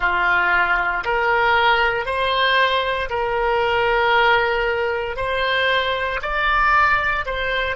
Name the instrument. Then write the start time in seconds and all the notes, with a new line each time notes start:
oboe
0.00 F4
1.04 A#4
2.05 C5
3.09 A#4
5.16 C5
6.22 D5
7.25 C5